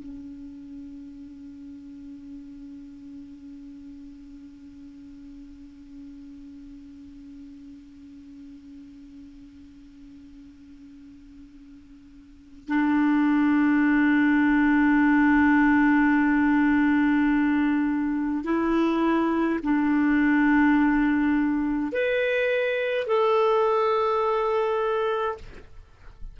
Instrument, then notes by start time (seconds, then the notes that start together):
clarinet
0.00 C#4
12.68 D4
18.45 E4
19.63 D4
21.92 B4
23.07 A4